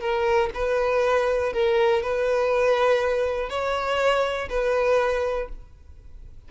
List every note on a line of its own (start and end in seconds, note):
0.00 0.50 A#4
0.54 1.53 B4
1.53 2.02 A#4
2.02 3.49 B4
3.49 4.48 C#5
4.49 5.48 B4